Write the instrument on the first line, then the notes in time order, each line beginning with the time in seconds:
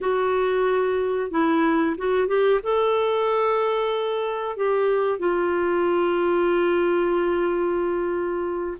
clarinet
0.00 F#4
1.30 E4
1.97 F#4
2.27 G4
2.63 A4
4.56 G4
5.18 F4